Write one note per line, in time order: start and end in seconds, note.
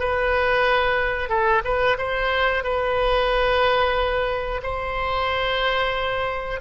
0.00 1.29 B4
1.29 1.62 A4
1.65 1.98 B4
1.98 2.64 C5
2.64 4.62 B4
4.63 6.61 C5